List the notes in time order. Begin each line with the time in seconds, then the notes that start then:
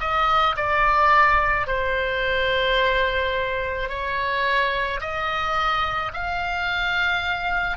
0.00 D#5
0.56 D5
1.67 C5
3.89 C#5
5.01 D#5
6.13 F5